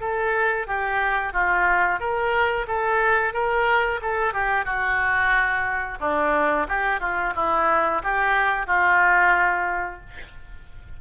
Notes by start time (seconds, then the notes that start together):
0.00 A4
0.67 G4
1.33 F4
1.99 A#4
2.67 A4
3.33 A#4
4.02 A4
4.33 G4
4.65 F#4
6.00 D4
6.68 G4
7.00 F4
7.35 E4
8.03 G4
8.67 F4